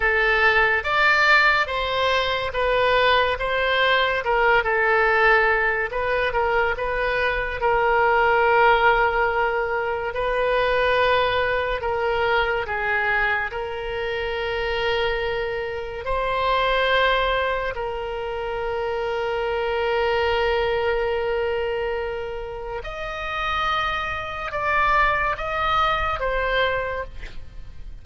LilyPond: \new Staff \with { instrumentName = "oboe" } { \time 4/4 \tempo 4 = 71 a'4 d''4 c''4 b'4 | c''4 ais'8 a'4. b'8 ais'8 | b'4 ais'2. | b'2 ais'4 gis'4 |
ais'2. c''4~ | c''4 ais'2.~ | ais'2. dis''4~ | dis''4 d''4 dis''4 c''4 | }